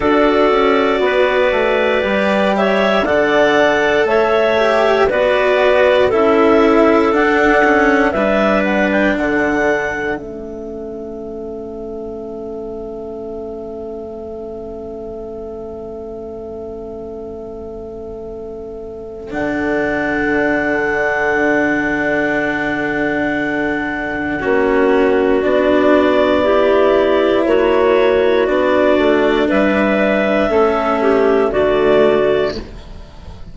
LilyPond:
<<
  \new Staff \with { instrumentName = "clarinet" } { \time 4/4 \tempo 4 = 59 d''2~ d''8 e''8 fis''4 | e''4 d''4 e''4 fis''4 | e''8 fis''16 g''16 fis''4 e''2~ | e''1~ |
e''2. fis''4~ | fis''1~ | fis''4 d''2 cis''4 | d''4 e''2 d''4 | }
  \new Staff \with { instrumentName = "clarinet" } { \time 4/4 a'4 b'4. cis''8 d''4 | cis''4 b'4 a'2 | b'4 a'2.~ | a'1~ |
a'1~ | a'1 | fis'2 g'4 fis'4~ | fis'4 b'4 a'8 g'8 fis'4 | }
  \new Staff \with { instrumentName = "cello" } { \time 4/4 fis'2 g'4 a'4~ | a'8 g'8 fis'4 e'4 d'8 cis'8 | d'2 cis'2~ | cis'1~ |
cis'2. d'4~ | d'1 | cis'4 d'4 e'2 | d'2 cis'4 a4 | }
  \new Staff \with { instrumentName = "bassoon" } { \time 4/4 d'8 cis'8 b8 a8 g4 d4 | a4 b4 cis'4 d'4 | g4 d4 a2~ | a1~ |
a2. d4~ | d1 | ais4 b2 ais4 | b8 a8 g4 a4 d4 | }
>>